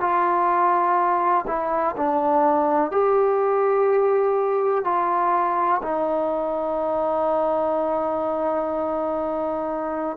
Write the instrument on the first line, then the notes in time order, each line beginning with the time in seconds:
trombone
0.00 F4
1.47 E4
1.97 D4
2.91 G4
4.84 F4
5.82 D#4